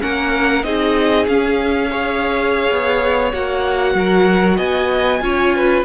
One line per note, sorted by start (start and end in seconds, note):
0.00 0.63 A#3
0.00 0.63 C#4
0.00 0.65 A#4
0.00 0.63 F#5
0.63 1.27 C4
0.63 1.27 D#4
0.63 1.91 G#4
0.63 1.26 D#5
1.27 2.69 C#4
1.27 1.91 C#4
1.27 3.32 F5
1.91 3.32 G#4
1.91 3.96 C#5
2.70 3.33 B3
3.32 3.94 A#3
3.32 5.20 F#4
3.32 4.58 F#5
3.94 4.58 F#3
3.94 4.57 A#4
4.57 5.21 B3
4.57 5.20 D#5
4.57 5.84 G#5
5.20 5.84 C#4
5.20 5.84 F4
5.20 5.56 C#5
5.56 5.85 B4